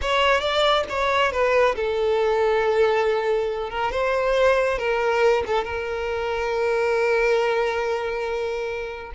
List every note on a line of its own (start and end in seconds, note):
0.01 0.40 C#5
0.40 0.84 D5
0.89 1.31 C#5
1.31 1.75 B4
1.75 3.70 A4
3.70 3.91 A#4
3.91 4.78 C5
4.78 5.43 A#4
5.46 5.64 A4
5.64 9.12 A#4